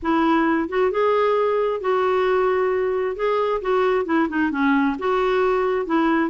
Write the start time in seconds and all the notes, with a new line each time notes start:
0.02 E4
0.68 F#4
0.91 G#4
1.80 F#4
3.16 G#4
3.61 F#4
4.05 E4
4.29 D#4
4.51 C#4
4.98 F#4
5.85 E4